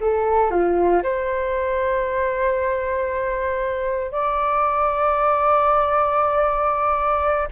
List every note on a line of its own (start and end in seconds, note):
0.00 0.50 A4
0.50 1.02 F4
1.03 4.11 C5
4.11 7.48 D5